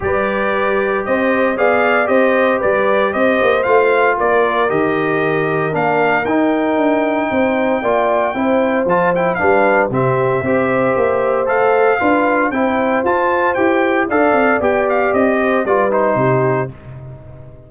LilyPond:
<<
  \new Staff \with { instrumentName = "trumpet" } { \time 4/4 \tempo 4 = 115 d''2 dis''4 f''4 | dis''4 d''4 dis''4 f''4 | d''4 dis''2 f''4 | g''1~ |
g''4 a''8 g''8 f''4 e''4~ | e''2 f''2 | g''4 a''4 g''4 f''4 | g''8 f''8 dis''4 d''8 c''4. | }
  \new Staff \with { instrumentName = "horn" } { \time 4/4 b'2 c''4 d''4 | c''4 b'4 c''2 | ais'1~ | ais'2 c''4 d''4 |
c''2 b'4 g'4 | c''2. b'4 | c''2. d''4~ | d''4. c''8 b'4 g'4 | }
  \new Staff \with { instrumentName = "trombone" } { \time 4/4 g'2. gis'4 | g'2. f'4~ | f'4 g'2 d'4 | dis'2. f'4 |
e'4 f'8 e'8 d'4 c'4 | g'2 a'4 f'4 | e'4 f'4 g'4 a'4 | g'2 f'8 dis'4. | }
  \new Staff \with { instrumentName = "tuba" } { \time 4/4 g2 c'4 b4 | c'4 g4 c'8 ais8 a4 | ais4 dis2 ais4 | dis'4 d'4 c'4 ais4 |
c'4 f4 g4 c4 | c'4 ais4 a4 d'4 | c'4 f'4 e'4 d'8 c'8 | b4 c'4 g4 c4 | }
>>